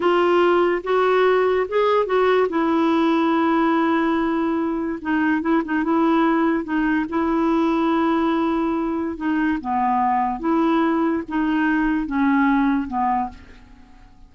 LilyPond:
\new Staff \with { instrumentName = "clarinet" } { \time 4/4 \tempo 4 = 144 f'2 fis'2 | gis'4 fis'4 e'2~ | e'1 | dis'4 e'8 dis'8 e'2 |
dis'4 e'2.~ | e'2 dis'4 b4~ | b4 e'2 dis'4~ | dis'4 cis'2 b4 | }